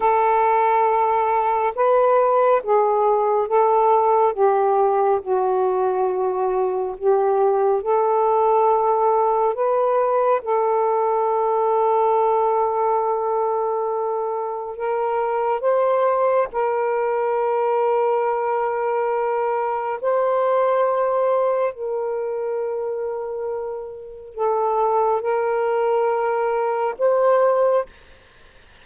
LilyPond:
\new Staff \with { instrumentName = "saxophone" } { \time 4/4 \tempo 4 = 69 a'2 b'4 gis'4 | a'4 g'4 fis'2 | g'4 a'2 b'4 | a'1~ |
a'4 ais'4 c''4 ais'4~ | ais'2. c''4~ | c''4 ais'2. | a'4 ais'2 c''4 | }